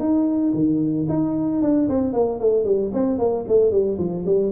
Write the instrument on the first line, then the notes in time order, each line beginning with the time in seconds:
tuba
0.00 D#4
0.54 D#3
1.09 D#4
1.62 D4
1.89 C4
2.13 A#3
2.40 A3
2.65 G3
2.94 C4
3.19 A#3
3.48 A3
3.71 G3
3.99 F3
4.26 G3